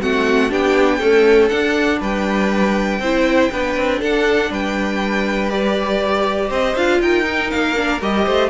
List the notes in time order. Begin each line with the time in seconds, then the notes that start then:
0.00 A3 C4 F#4 F#5
0.49 B3 D4 G4 G5
0.97 A3 C#4 A4
1.48 D4 F#5
2.00 G3 B4 G5
2.99 C4 E4 C5
3.51 B3 D4 B4
3.76 C4
3.99 D4 A4 F#5
4.50 G3 B4 G5
5.50 G4 D5
6.48 C4 C5 D#5
6.76 D4 F4 F5
7.00 D#4 A#4 G5
7.24 D#4
7.50 A#3 F5
7.76 D4
8.00 G3 G4 D#5
8.24 A3 C5